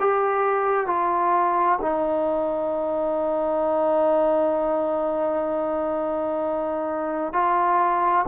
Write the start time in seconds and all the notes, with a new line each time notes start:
0.00 G4
0.86 F4
1.82 D#4
7.33 F4